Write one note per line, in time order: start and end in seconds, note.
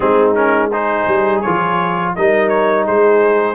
0.00 1.05 G#3
0.00 0.35 C4
0.00 0.70 D#4
0.00 0.32 G#4
0.35 0.70 C#4
0.35 0.70 A#4
0.70 1.44 D#4
0.70 2.12 G#4
0.70 1.41 C5
1.07 1.43 G3
1.41 2.17 F3
1.41 2.17 F4
1.41 2.12 C#5
2.15 2.88 G3
2.15 3.54 D#4
2.15 2.85 A#4
2.15 2.48 D#5
2.48 2.84 C#5
2.85 3.54 G#3
2.85 3.54 G#4
2.85 3.54 C5